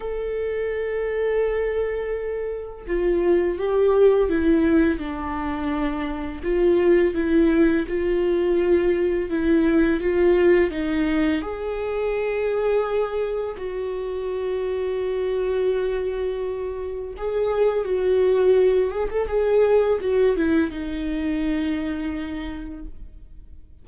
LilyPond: \new Staff \with { instrumentName = "viola" } { \time 4/4 \tempo 4 = 84 a'1 | f'4 g'4 e'4 d'4~ | d'4 f'4 e'4 f'4~ | f'4 e'4 f'4 dis'4 |
gis'2. fis'4~ | fis'1 | gis'4 fis'4. gis'16 a'16 gis'4 | fis'8 e'8 dis'2. | }